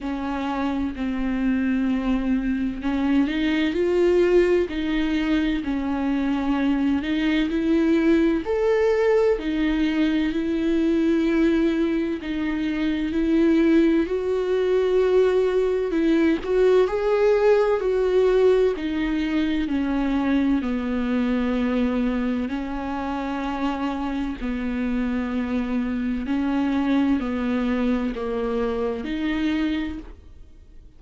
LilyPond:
\new Staff \with { instrumentName = "viola" } { \time 4/4 \tempo 4 = 64 cis'4 c'2 cis'8 dis'8 | f'4 dis'4 cis'4. dis'8 | e'4 a'4 dis'4 e'4~ | e'4 dis'4 e'4 fis'4~ |
fis'4 e'8 fis'8 gis'4 fis'4 | dis'4 cis'4 b2 | cis'2 b2 | cis'4 b4 ais4 dis'4 | }